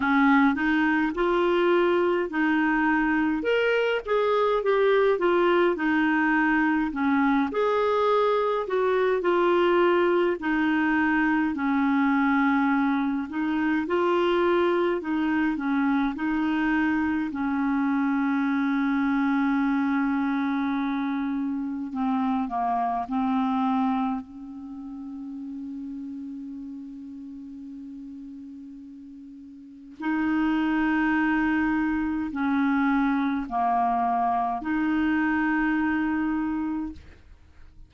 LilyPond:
\new Staff \with { instrumentName = "clarinet" } { \time 4/4 \tempo 4 = 52 cis'8 dis'8 f'4 dis'4 ais'8 gis'8 | g'8 f'8 dis'4 cis'8 gis'4 fis'8 | f'4 dis'4 cis'4. dis'8 | f'4 dis'8 cis'8 dis'4 cis'4~ |
cis'2. c'8 ais8 | c'4 cis'2.~ | cis'2 dis'2 | cis'4 ais4 dis'2 | }